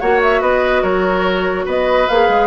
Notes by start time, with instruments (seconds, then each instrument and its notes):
0.00 bassoon A#3, clarinet F#4, oboe C#5, flute F#5
0.23 flute E5
0.41 bassoon B3, oboe B4, flute D#5
0.83 bassoon F#3, oboe A#4, flute C#5
1.66 bassoon B3, oboe B4, flute D#5
2.09 bassoon A#3, clarinet G#4, flute F5
2.29 bassoon G#3